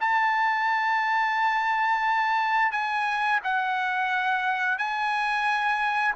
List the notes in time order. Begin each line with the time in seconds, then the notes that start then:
0.00 A5
2.71 G#5
3.44 F#5
4.78 G#5